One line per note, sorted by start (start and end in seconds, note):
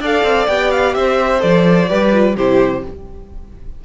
0.00 0.23 D4
0.00 0.49 A4
0.00 0.95 D5
0.00 0.47 F5
0.23 0.47 C4
0.47 0.95 B3
0.47 1.39 G4
0.47 0.71 G5
0.71 0.94 F5
0.94 1.42 C4
0.94 1.89 C5
0.94 1.41 E5
1.39 1.90 F3
1.39 1.86 A4
1.39 2.36 D5
1.87 2.36 G3
1.87 2.11 G4
1.87 2.36 B4
2.12 2.36 F4
2.36 2.84 C3
2.36 2.85 E4
2.36 2.83 G4
2.36 2.84 C5